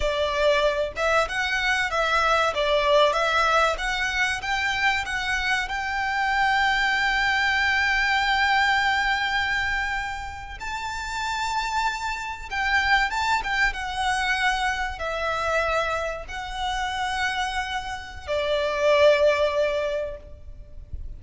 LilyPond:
\new Staff \with { instrumentName = "violin" } { \time 4/4 \tempo 4 = 95 d''4. e''8 fis''4 e''4 | d''4 e''4 fis''4 g''4 | fis''4 g''2.~ | g''1~ |
g''8. a''2. g''16~ | g''8. a''8 g''8 fis''2 e''16~ | e''4.~ e''16 fis''2~ fis''16~ | fis''4 d''2. | }